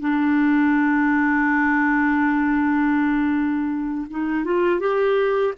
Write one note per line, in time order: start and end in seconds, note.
0.00 4.07 D4
4.10 4.45 D#4
4.45 4.80 F4
4.80 5.54 G4